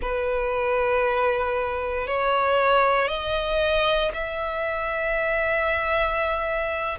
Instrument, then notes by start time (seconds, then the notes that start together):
violin
0.01 B4
2.07 C#5
3.08 D#5
4.13 E5